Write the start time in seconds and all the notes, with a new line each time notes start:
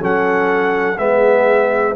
0.00 F#3 C#4 A4 F#5
0.98 G#3 B3 G#4 E5